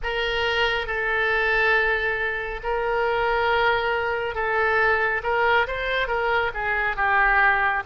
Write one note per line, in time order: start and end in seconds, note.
0.03 0.87 A#4
0.87 2.60 A4
2.63 4.34 A#4
4.34 5.21 A4
5.23 5.66 A#4
5.67 6.07 C5
6.07 6.51 A#4
6.54 6.96 G#4
6.96 7.83 G4